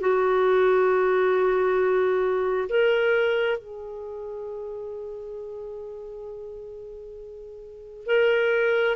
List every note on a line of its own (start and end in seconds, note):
0.00 2.69 F#4
2.69 3.58 A#4
3.58 8.06 G#4
8.06 8.96 A#4